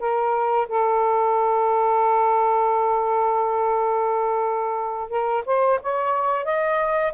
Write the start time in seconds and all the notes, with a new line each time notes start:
0.00 A#4
0.69 A4
5.10 A#4
5.46 C5
5.83 C#5
6.45 D#5